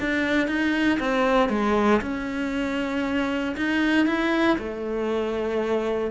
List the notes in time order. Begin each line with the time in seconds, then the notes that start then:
0.00 D4
0.48 D#4
1.00 C4
1.49 G#3
2.01 C#4
3.57 D#4
4.06 E4
4.58 A3